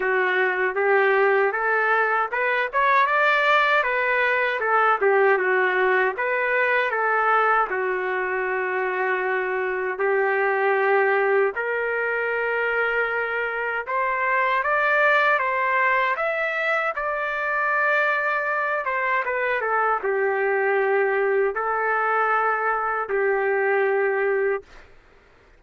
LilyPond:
\new Staff \with { instrumentName = "trumpet" } { \time 4/4 \tempo 4 = 78 fis'4 g'4 a'4 b'8 cis''8 | d''4 b'4 a'8 g'8 fis'4 | b'4 a'4 fis'2~ | fis'4 g'2 ais'4~ |
ais'2 c''4 d''4 | c''4 e''4 d''2~ | d''8 c''8 b'8 a'8 g'2 | a'2 g'2 | }